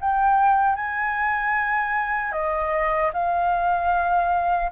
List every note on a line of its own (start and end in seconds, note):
0.00 0.75 G5
0.75 2.32 G#5
2.32 3.11 D#5
3.13 4.71 F5